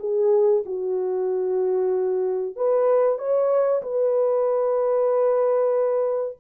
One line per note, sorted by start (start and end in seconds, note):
0.00 0.64 G#4
0.66 2.56 F#4
2.56 3.19 B4
3.19 3.82 C#5
3.83 6.38 B4